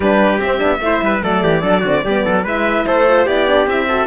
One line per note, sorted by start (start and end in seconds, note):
0.00 0.39 G3
0.00 0.42 D4
0.00 0.80 G4
0.00 0.40 B4
0.39 0.59 C4
0.39 1.22 E5
0.59 0.80 B3
0.59 0.79 D4
0.80 1.00 A3
0.80 1.21 E4
0.80 1.04 C5
1.02 1.22 G3
1.02 1.23 B4
1.21 1.43 F#3
1.21 1.61 A3
1.21 1.43 A4
1.21 2.45 D5
1.43 1.63 E3
1.43 1.61 G4
1.61 1.84 F#3
1.61 1.82 D4
1.61 1.80 A4
1.80 2.04 D3
1.80 2.05 C4
1.80 2.00 F#4
2.04 2.25 G3
2.04 2.46 B3
2.04 2.24 G4
2.24 2.44 F#3
2.24 2.44 A4
2.44 2.85 G#3
2.44 3.07 E4
2.44 2.85 B4
2.44 2.86 E5
2.86 3.26 A3
2.86 3.25 A4
2.86 3.27 C5
3.07 3.27 F4
3.25 3.66 B3
3.25 3.48 E4
3.25 3.86 G4
3.25 3.67 D5
3.48 3.68 D4
3.66 4.06 C4
3.66 3.89 E4
3.66 4.06 E5
3.88 4.06 F#4
3.88 4.06 A4